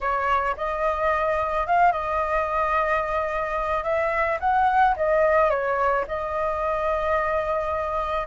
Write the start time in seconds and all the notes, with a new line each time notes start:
0.00 C#5
0.57 D#5
1.66 F5
1.92 D#5
3.83 E5
4.40 F#5
4.96 D#5
5.49 C#5
6.07 D#5